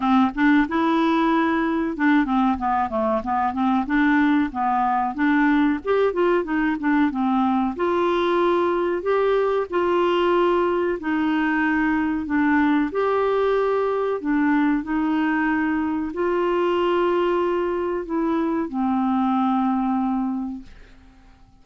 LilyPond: \new Staff \with { instrumentName = "clarinet" } { \time 4/4 \tempo 4 = 93 c'8 d'8 e'2 d'8 c'8 | b8 a8 b8 c'8 d'4 b4 | d'4 g'8 f'8 dis'8 d'8 c'4 | f'2 g'4 f'4~ |
f'4 dis'2 d'4 | g'2 d'4 dis'4~ | dis'4 f'2. | e'4 c'2. | }